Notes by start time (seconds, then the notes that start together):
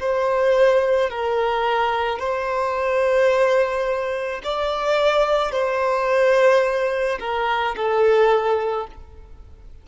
0.00 C5
1.10 A#4
2.20 C5
4.44 D5
5.52 C5
7.20 A#4
7.76 A4